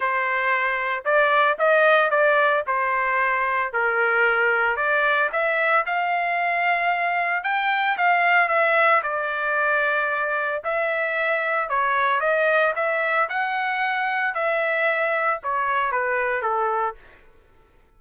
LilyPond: \new Staff \with { instrumentName = "trumpet" } { \time 4/4 \tempo 4 = 113 c''2 d''4 dis''4 | d''4 c''2 ais'4~ | ais'4 d''4 e''4 f''4~ | f''2 g''4 f''4 |
e''4 d''2. | e''2 cis''4 dis''4 | e''4 fis''2 e''4~ | e''4 cis''4 b'4 a'4 | }